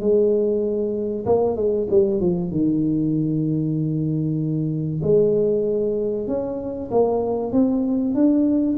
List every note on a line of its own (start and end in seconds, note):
0.00 1.25 G#3
1.26 1.56 A#3
1.56 1.87 G#3
1.90 2.20 G3
2.20 2.51 F3
2.51 5.01 D#3
5.02 6.27 G#3
6.27 6.89 C#4
6.91 7.52 A#3
7.52 8.14 C4
8.14 8.77 D4